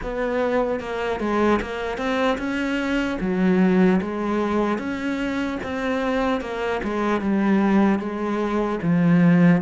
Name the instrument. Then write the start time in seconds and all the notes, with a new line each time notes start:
cello
0.03 B3
0.80 A#3
1.20 G#3
1.61 A#3
1.97 C4
2.37 C#4
3.20 F#3
4.01 G#3
4.78 C#4
5.63 C4
6.40 A#3
6.83 G#3
7.20 G3
7.99 G#3
8.82 F3